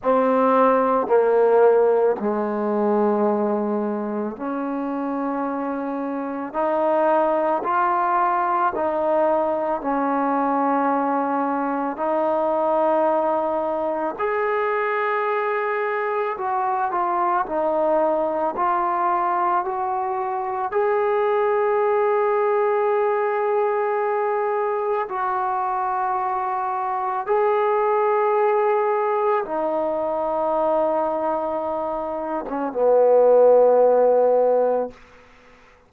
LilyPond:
\new Staff \with { instrumentName = "trombone" } { \time 4/4 \tempo 4 = 55 c'4 ais4 gis2 | cis'2 dis'4 f'4 | dis'4 cis'2 dis'4~ | dis'4 gis'2 fis'8 f'8 |
dis'4 f'4 fis'4 gis'4~ | gis'2. fis'4~ | fis'4 gis'2 dis'4~ | dis'4.~ dis'16 cis'16 b2 | }